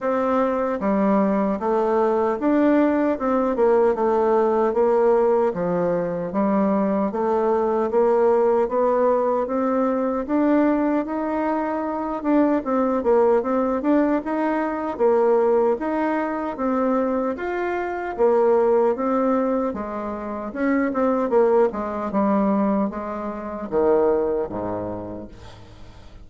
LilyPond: \new Staff \with { instrumentName = "bassoon" } { \time 4/4 \tempo 4 = 76 c'4 g4 a4 d'4 | c'8 ais8 a4 ais4 f4 | g4 a4 ais4 b4 | c'4 d'4 dis'4. d'8 |
c'8 ais8 c'8 d'8 dis'4 ais4 | dis'4 c'4 f'4 ais4 | c'4 gis4 cis'8 c'8 ais8 gis8 | g4 gis4 dis4 gis,4 | }